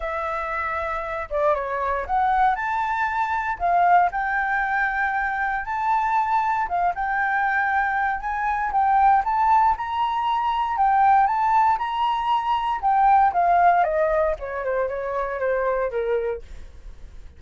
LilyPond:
\new Staff \with { instrumentName = "flute" } { \time 4/4 \tempo 4 = 117 e''2~ e''8 d''8 cis''4 | fis''4 a''2 f''4 | g''2. a''4~ | a''4 f''8 g''2~ g''8 |
gis''4 g''4 a''4 ais''4~ | ais''4 g''4 a''4 ais''4~ | ais''4 g''4 f''4 dis''4 | cis''8 c''8 cis''4 c''4 ais'4 | }